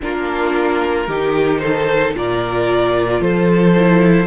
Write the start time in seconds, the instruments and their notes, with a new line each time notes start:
0.00 cello A#3, viola D4, violin F4 A#4
1.07 cello D#3, viola D#4, violin G4
1.58 violin A4 C5
2.14 cello A#2, viola F4, violin A#4 D5
3.20 cello F3, violin A4 C5
3.75 viola E4